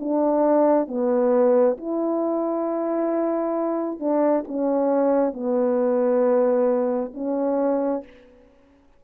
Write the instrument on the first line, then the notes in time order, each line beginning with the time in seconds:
horn
0.00 D4
0.88 B3
1.78 E4
4.00 D4
4.48 C#4
5.33 B3
7.14 C#4